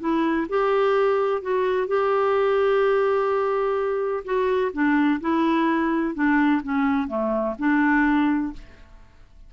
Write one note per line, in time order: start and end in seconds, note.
0.00 0.47 E4
0.49 1.42 G4
1.42 1.88 F#4
1.88 4.24 G4
4.25 4.72 F#4
4.73 5.21 D4
5.21 6.15 E4
6.15 6.62 D4
6.63 7.08 C#4
7.08 7.55 A3
7.59 8.53 D4